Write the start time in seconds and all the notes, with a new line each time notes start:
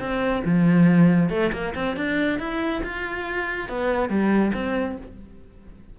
0.00 C4
0.45 F3
1.30 A3
1.53 A#3
1.75 C4
1.97 D4
2.39 E4
2.84 F4
3.69 B3
4.09 G3
4.54 C4